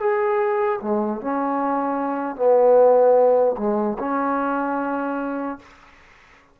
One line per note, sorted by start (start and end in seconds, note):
0.00 0.80 G#4
0.81 1.21 G#3
1.21 2.36 C#4
2.36 3.56 B3
3.58 3.98 G#3
3.99 5.59 C#4